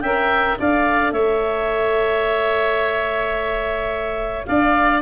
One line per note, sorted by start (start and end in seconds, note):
0.00 0.58 C#4
0.00 0.59 A#4
0.00 0.58 E5
0.00 0.56 G5
0.59 1.11 D4
0.59 5.02 A4
0.59 1.13 D5
0.59 1.12 F5
1.11 4.45 A3
1.11 4.46 C#5
1.11 4.45 E5
4.45 5.02 D4
4.45 5.02 D5
4.45 5.01 F5